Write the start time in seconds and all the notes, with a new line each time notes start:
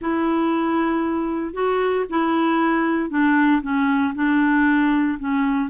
0.01 E4
1.53 F#4
2.09 E4
3.10 D4
3.61 C#4
4.14 D4
5.19 C#4